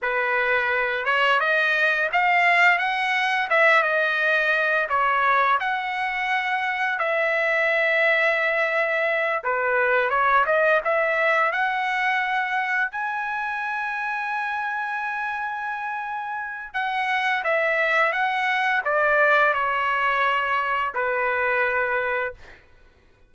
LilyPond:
\new Staff \with { instrumentName = "trumpet" } { \time 4/4 \tempo 4 = 86 b'4. cis''8 dis''4 f''4 | fis''4 e''8 dis''4. cis''4 | fis''2 e''2~ | e''4. b'4 cis''8 dis''8 e''8~ |
e''8 fis''2 gis''4.~ | gis''1 | fis''4 e''4 fis''4 d''4 | cis''2 b'2 | }